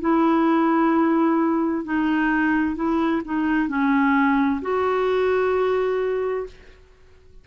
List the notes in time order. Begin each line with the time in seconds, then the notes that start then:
0.00 E4
1.85 D#4
2.76 E4
3.25 D#4
3.68 C#4
4.62 F#4